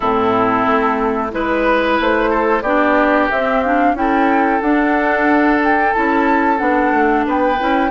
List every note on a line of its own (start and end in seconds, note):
0.00 0.66 A2
0.00 1.30 C4
0.00 1.31 E4
0.00 1.30 A4
0.66 1.32 A3
1.30 1.99 G#3
1.30 2.62 E4
1.30 1.99 B4
1.30 2.30 B4
1.99 2.62 A3
1.99 2.62 C5
2.30 2.62 A4
2.62 3.27 B3
2.62 3.31 D4
2.62 3.94 G4
2.62 3.27 D5
3.30 3.94 C4
3.30 3.64 C4
3.30 3.62 E5
3.62 3.95 D4
3.62 3.95 F5
3.94 4.60 C#4
3.94 4.61 E4
3.94 4.61 G5
4.00 7.26 A4
4.61 5.94 D4
4.61 5.60 F#5
5.64 5.93 G5
5.93 6.59 C#4
5.93 6.57 E4
5.93 6.58 A5
6.57 6.92 B3
6.57 7.56 D4
6.57 7.24 F#5
6.92 7.25 A3
7.26 7.59 B3
7.26 7.90 B4
7.26 7.90 G5
7.59 7.90 C#4
7.59 7.90 E4